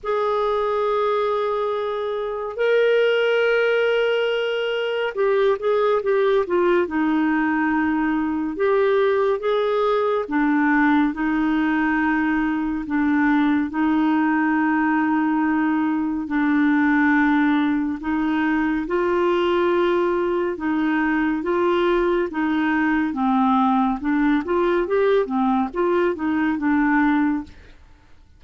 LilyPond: \new Staff \with { instrumentName = "clarinet" } { \time 4/4 \tempo 4 = 70 gis'2. ais'4~ | ais'2 g'8 gis'8 g'8 f'8 | dis'2 g'4 gis'4 | d'4 dis'2 d'4 |
dis'2. d'4~ | d'4 dis'4 f'2 | dis'4 f'4 dis'4 c'4 | d'8 f'8 g'8 c'8 f'8 dis'8 d'4 | }